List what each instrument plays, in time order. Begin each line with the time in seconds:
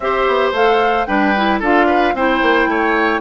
0.00 bassoon C4, clarinet G4, oboe C5, flute E5
0.27 bassoon B3
0.51 bassoon A3, clarinet A4, flute F5
1.05 bassoon G3, clarinet D4, oboe B4, flute G5
1.36 clarinet E4
1.59 bassoon D4, clarinet F4, oboe A4, flute F5
1.86 oboe B4
2.14 bassoon C4, clarinet E4, oboe C5, flute G5
2.42 bassoon A#3
2.66 bassoon A3, oboe C#5